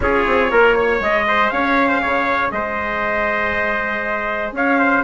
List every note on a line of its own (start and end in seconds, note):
0.00 0.24 C#4
0.00 1.02 F4
0.00 0.51 G#4
0.00 1.02 C#5
0.26 0.51 C4
0.51 1.00 A#3
0.51 0.75 A#4
0.75 1.25 C#5
1.00 1.50 G#3
1.00 5.04 G#4
1.00 1.50 D#5
1.27 1.52 C5
1.50 2.02 C#4
1.50 1.87 C#5
1.50 2.51 F5
1.87 2.00 C5
2.01 2.51 C#3
2.01 2.51 C#5
2.51 4.52 G#3
2.51 4.55 C5
2.51 4.52 D#5
4.52 5.02 C#4
4.52 4.78 C#5
4.52 5.04 F5
4.78 5.04 C5